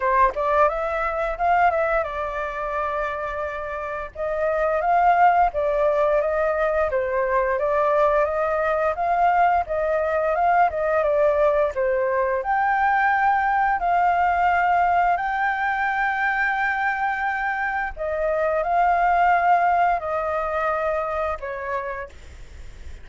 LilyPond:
\new Staff \with { instrumentName = "flute" } { \time 4/4 \tempo 4 = 87 c''8 d''8 e''4 f''8 e''8 d''4~ | d''2 dis''4 f''4 | d''4 dis''4 c''4 d''4 | dis''4 f''4 dis''4 f''8 dis''8 |
d''4 c''4 g''2 | f''2 g''2~ | g''2 dis''4 f''4~ | f''4 dis''2 cis''4 | }